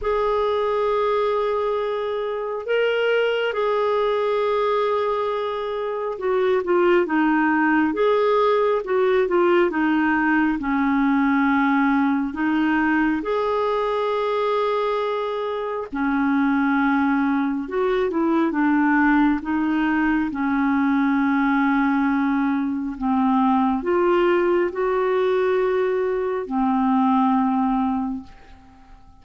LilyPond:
\new Staff \with { instrumentName = "clarinet" } { \time 4/4 \tempo 4 = 68 gis'2. ais'4 | gis'2. fis'8 f'8 | dis'4 gis'4 fis'8 f'8 dis'4 | cis'2 dis'4 gis'4~ |
gis'2 cis'2 | fis'8 e'8 d'4 dis'4 cis'4~ | cis'2 c'4 f'4 | fis'2 c'2 | }